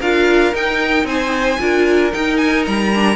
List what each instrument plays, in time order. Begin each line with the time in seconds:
0.00 cello D4, viola F4, violin A#4 F5
0.53 viola D#4, cello D#4, violin G5
1.04 cello C4, violin C5 G#5
1.59 cello D4, viola F4, violin A#4
2.13 viola D#4, cello D#4, violin G5
2.37 violin G#5
2.67 cello G3, violin A#5
2.95 viola D4